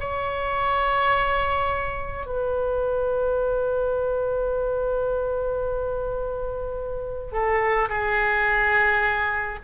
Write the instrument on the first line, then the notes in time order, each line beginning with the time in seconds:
oboe
0.00 C#5
2.26 B4
7.32 A4
7.89 G#4